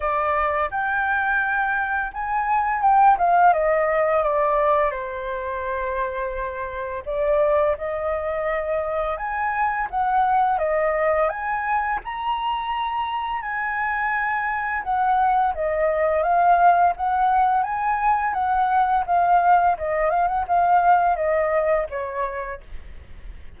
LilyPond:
\new Staff \with { instrumentName = "flute" } { \time 4/4 \tempo 4 = 85 d''4 g''2 gis''4 | g''8 f''8 dis''4 d''4 c''4~ | c''2 d''4 dis''4~ | dis''4 gis''4 fis''4 dis''4 |
gis''4 ais''2 gis''4~ | gis''4 fis''4 dis''4 f''4 | fis''4 gis''4 fis''4 f''4 | dis''8 f''16 fis''16 f''4 dis''4 cis''4 | }